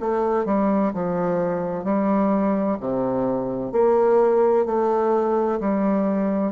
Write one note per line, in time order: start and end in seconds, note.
0.00 0.45 A3
0.45 0.92 G3
0.94 1.84 F3
1.84 2.77 G3
2.80 3.72 C3
3.72 4.66 A#3
4.66 5.60 A3
5.60 6.52 G3